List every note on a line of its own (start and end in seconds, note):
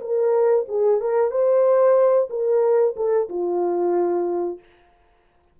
0.00 0.65 A#4
0.68 1.00 G#4
1.00 1.30 A#4
1.30 2.28 C5
2.29 2.95 A#4
2.96 3.28 A4
3.29 4.59 F4